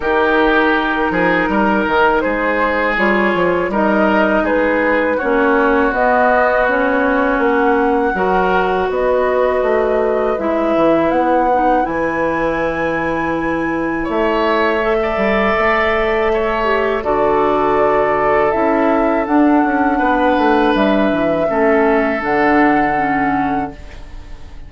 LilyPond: <<
  \new Staff \with { instrumentName = "flute" } { \time 4/4 \tempo 4 = 81 ais'2. c''4 | cis''4 dis''4 b'4 cis''4 | dis''4 cis''4 fis''2 | dis''2 e''4 fis''4 |
gis''2. e''4~ | e''2. d''4~ | d''4 e''4 fis''2 | e''2 fis''2 | }
  \new Staff \with { instrumentName = "oboe" } { \time 4/4 g'4. gis'8 ais'4 gis'4~ | gis'4 ais'4 gis'4 fis'4~ | fis'2. ais'4 | b'1~ |
b'2. cis''4~ | cis''16 d''4.~ d''16 cis''4 a'4~ | a'2. b'4~ | b'4 a'2. | }
  \new Staff \with { instrumentName = "clarinet" } { \time 4/4 dis'1 | f'4 dis'2 cis'4 | b4 cis'2 fis'4~ | fis'2 e'4. dis'8 |
e'1 | a'2~ a'8 g'8 fis'4~ | fis'4 e'4 d'2~ | d'4 cis'4 d'4 cis'4 | }
  \new Staff \with { instrumentName = "bassoon" } { \time 4/4 dis4. f8 g8 dis8 gis4 | g8 f8 g4 gis4 ais4 | b2 ais4 fis4 | b4 a4 gis8 e8 b4 |
e2. a4~ | a8 g8 a2 d4~ | d4 cis'4 d'8 cis'8 b8 a8 | g8 e8 a4 d2 | }
>>